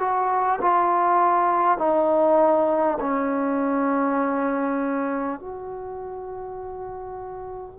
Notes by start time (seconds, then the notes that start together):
0.00 F#4
0.61 F4
1.78 D#4
3.01 C#4
5.40 F#4